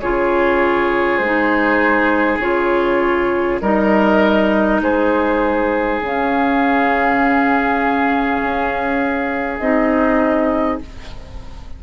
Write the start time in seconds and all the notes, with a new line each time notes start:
0.00 C#3 F4 G#4 C#5
1.18 G#3 D#4 C5
2.38 C#3 F4 C#5
3.61 G3 D#4 A#4 D#5
4.81 G#3 G#4 C5
6.00 C#3 C#4 F5
8.41 C#4
9.58 C4 D#4 D#5